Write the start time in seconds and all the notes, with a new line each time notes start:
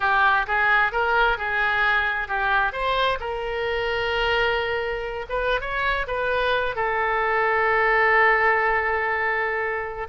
0.00 G4
0.47 G#4
0.91 A#4
1.37 G#4
2.28 G4
2.72 C5
3.20 A#4
5.29 B4
5.60 C#5
6.07 B4
6.75 A4